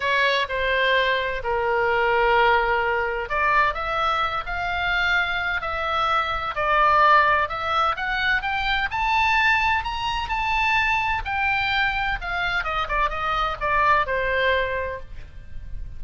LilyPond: \new Staff \with { instrumentName = "oboe" } { \time 4/4 \tempo 4 = 128 cis''4 c''2 ais'4~ | ais'2. d''4 | e''4. f''2~ f''8 | e''2 d''2 |
e''4 fis''4 g''4 a''4~ | a''4 ais''4 a''2 | g''2 f''4 dis''8 d''8 | dis''4 d''4 c''2 | }